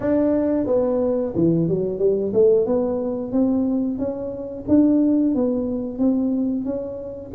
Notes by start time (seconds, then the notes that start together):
0.00 D4
0.66 B3
1.35 E3
1.68 F#3
1.98 G3
2.33 A3
2.65 B3
3.32 C4
3.98 C#4
4.68 D4
5.35 B3
5.98 C4
6.64 C#4